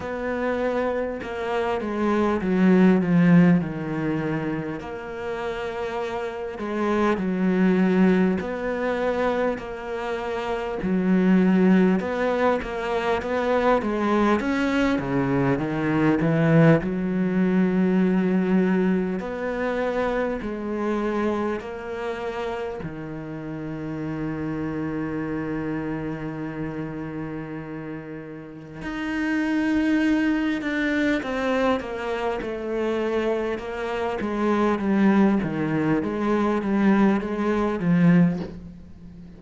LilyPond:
\new Staff \with { instrumentName = "cello" } { \time 4/4 \tempo 4 = 50 b4 ais8 gis8 fis8 f8 dis4 | ais4. gis8 fis4 b4 | ais4 fis4 b8 ais8 b8 gis8 | cis'8 cis8 dis8 e8 fis2 |
b4 gis4 ais4 dis4~ | dis1 | dis'4. d'8 c'8 ais8 a4 | ais8 gis8 g8 dis8 gis8 g8 gis8 f8 | }